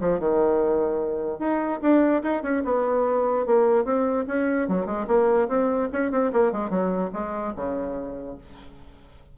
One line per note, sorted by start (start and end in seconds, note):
0.00 0.19 F3
0.19 1.39 D#3
1.39 1.80 D#4
1.82 2.22 D4
2.23 2.42 D#4
2.42 2.63 C#4
2.64 3.46 B3
3.46 3.84 A#3
3.84 4.25 C4
4.27 4.68 C#4
4.68 4.86 F#3
4.86 5.06 G#3
5.07 5.48 A#3
5.48 5.89 C4
5.92 6.11 C#4
6.11 6.32 C4
6.32 6.52 A#3
6.52 6.70 G#3
6.70 7.10 F#3
7.13 7.54 G#3
7.55 8.37 C#3